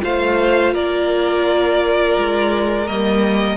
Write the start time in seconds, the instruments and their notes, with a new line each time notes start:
0.00 cello A3, viola F4, violin C5 F5
0.74 cello A#3, violin A#4 D5
2.18 cello G#3
2.87 cello G3, viola A#3, violin D#5